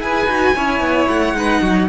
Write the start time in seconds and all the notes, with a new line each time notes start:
0.00 E4 G#4 B4 G#5
0.25 D#4 F#4
0.55 C#4 E4 C#5
0.80 B3
1.08 A3 F#5
1.33 G#3 D#4 B4
1.62 F#3 F#4